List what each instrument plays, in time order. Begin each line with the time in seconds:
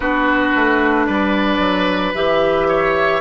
0.00 bassoon B3, clarinet D4, oboe F#4, flute B4
0.55 bassoon A3
1.06 bassoon G3, oboe B4, flute D5
1.58 bassoon F#3
2.14 bassoon E3, clarinet G4, flute E5
2.68 oboe C#5